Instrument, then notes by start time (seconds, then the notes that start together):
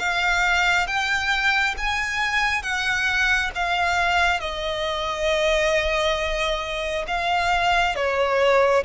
violin
0.00 F5
0.87 G5
1.78 G#5
2.63 F#5
3.56 F5
4.41 D#5
7.08 F5
7.96 C#5